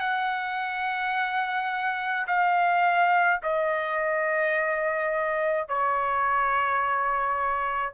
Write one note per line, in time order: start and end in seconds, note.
0.00 2.26 F#5
2.27 3.41 F5
3.43 5.68 D#5
5.68 7.94 C#5